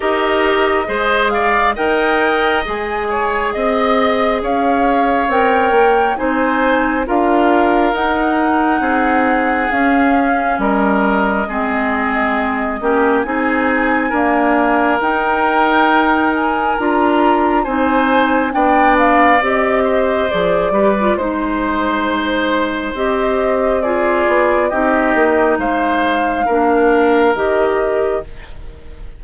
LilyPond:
<<
  \new Staff \with { instrumentName = "flute" } { \time 4/4 \tempo 4 = 68 dis''4. f''8 g''4 gis''4 | dis''4 f''4 g''4 gis''4 | f''4 fis''2 f''4 | dis''2. gis''4~ |
gis''4 g''4. gis''8 ais''4 | gis''4 g''8 f''8 dis''4 d''4 | c''2 dis''4 d''4 | dis''4 f''2 dis''4 | }
  \new Staff \with { instrumentName = "oboe" } { \time 4/4 ais'4 c''8 d''8 dis''4. cis''8 | dis''4 cis''2 c''4 | ais'2 gis'2 | ais'4 gis'4. g'8 gis'4 |
ais'1 | c''4 d''4. c''4 b'8 | c''2. gis'4 | g'4 c''4 ais'2 | }
  \new Staff \with { instrumentName = "clarinet" } { \time 4/4 g'4 gis'4 ais'4 gis'4~ | gis'2 ais'4 dis'4 | f'4 dis'2 cis'4~ | cis'4 c'4. cis'8 dis'4 |
ais4 dis'2 f'4 | dis'4 d'4 g'4 gis'8 g'16 f'16 | dis'2 g'4 f'4 | dis'2 d'4 g'4 | }
  \new Staff \with { instrumentName = "bassoon" } { \time 4/4 dis'4 gis4 dis'4 gis4 | c'4 cis'4 c'8 ais8 c'4 | d'4 dis'4 c'4 cis'4 | g4 gis4. ais8 c'4 |
d'4 dis'2 d'4 | c'4 b4 c'4 f8 g8 | gis2 c'4. b8 | c'8 ais8 gis4 ais4 dis4 | }
>>